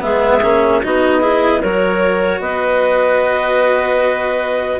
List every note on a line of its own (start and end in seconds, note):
0.00 0.42 G#3
0.00 0.40 B3
0.00 0.83 G#4
0.00 0.82 E5
0.42 0.82 A#3
0.42 0.82 C#4
0.83 1.63 B3
0.83 1.21 D#4
0.83 1.20 F#4
0.83 1.63 D#5
1.20 1.61 E4
1.20 1.60 G#4
1.60 2.40 F#3
1.60 4.80 F#4
1.60 2.40 A#4
1.60 2.41 C#5
2.40 4.80 B3
2.40 4.80 B4
2.40 4.80 D#5